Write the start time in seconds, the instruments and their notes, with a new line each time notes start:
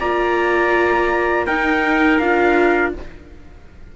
0.00 cello A#3, viola F4, trumpet D5 A#5
1.46 cello D#4, viola D#4, trumpet A#4 G5
2.18 cello D4, viola F4, trumpet F5